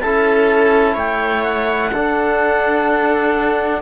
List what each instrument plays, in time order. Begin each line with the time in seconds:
0.00 cello C#4, trombone E4, viola A4, clarinet A5
0.93 cello A3, viola C#5, clarinet G5
1.43 clarinet F#5
1.91 cello D4, trombone D4, viola A4